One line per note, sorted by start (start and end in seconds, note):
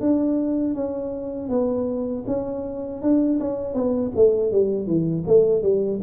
0.00 0.74 D4
0.74 1.49 C#4
1.49 2.24 B3
2.26 3.01 C#4
3.01 3.39 D4
3.40 3.74 C#4
3.74 4.11 B3
4.15 4.51 A3
4.51 4.86 G3
4.86 5.24 E3
5.27 5.62 A3
5.62 6.00 G3